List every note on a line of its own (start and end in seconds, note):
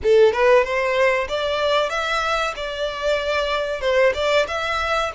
0.03 0.32 A4
0.32 0.64 B4
0.64 1.27 C5
1.28 1.89 D5
1.89 2.53 E5
2.56 3.80 D5
3.80 4.12 C5
4.14 4.46 D5
4.47 5.11 E5